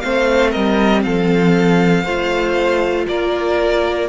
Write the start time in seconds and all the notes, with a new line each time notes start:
0.00 A3 C4 C5 F5
0.51 G3 A#4 D#5
1.03 F3 A4 F5
2.04 A3 F4 C5
3.08 A#3 A#4 D5